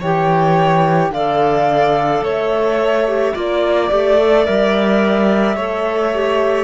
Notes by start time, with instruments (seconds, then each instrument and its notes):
0.00 cello E3, clarinet G4, violin C#5, flute G5
1.10 cello D3, clarinet A4, violin D5, flute F5
2.22 cello A3, violin C#5, flute E5
3.07 clarinet G4
3.34 cello A#3, clarinet F4, violin D5, flute D5
3.90 cello A3, clarinet G4
4.18 clarinet A4
4.44 cello G3, clarinet A#4, flute E5
5.55 cello A3, clarinet A4, violin C#5
6.13 clarinet G4